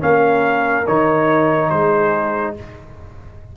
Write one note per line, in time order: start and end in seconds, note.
0.00 0.87 A#3
0.00 0.85 C#4
0.00 1.70 A#4
0.00 0.87 F5
0.87 1.71 D#3
0.87 2.57 D#4
0.87 1.70 C#5
1.70 2.56 G#3
1.70 2.55 G#4
1.70 2.55 C5